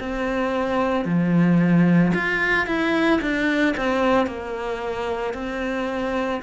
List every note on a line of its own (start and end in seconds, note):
0.00 1.06 C4
1.06 2.13 F3
2.14 2.67 F4
2.67 3.20 E4
3.21 3.75 D4
3.77 4.27 C4
4.27 5.34 A#3
5.34 6.41 C4